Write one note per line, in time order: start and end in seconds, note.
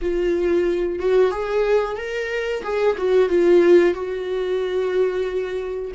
0.01 0.99 F4
0.99 1.31 F#4
1.31 1.96 G#4
1.96 2.62 A#4
2.63 2.96 G#4
2.97 3.29 F#4
3.29 3.94 F4
3.94 5.92 F#4